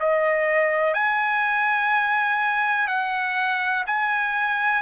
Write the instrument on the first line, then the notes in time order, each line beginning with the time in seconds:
trumpet
0.00 D#5
0.94 G#5
2.88 F#5
3.87 G#5